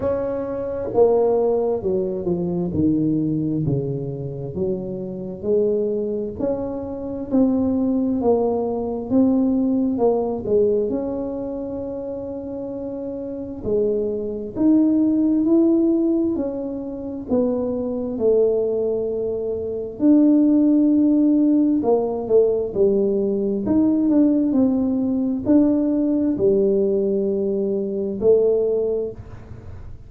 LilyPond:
\new Staff \with { instrumentName = "tuba" } { \time 4/4 \tempo 4 = 66 cis'4 ais4 fis8 f8 dis4 | cis4 fis4 gis4 cis'4 | c'4 ais4 c'4 ais8 gis8 | cis'2. gis4 |
dis'4 e'4 cis'4 b4 | a2 d'2 | ais8 a8 g4 dis'8 d'8 c'4 | d'4 g2 a4 | }